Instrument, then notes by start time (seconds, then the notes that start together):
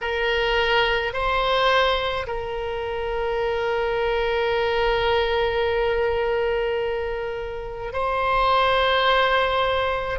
oboe
0.01 A#4
1.13 C5
2.26 A#4
7.92 C5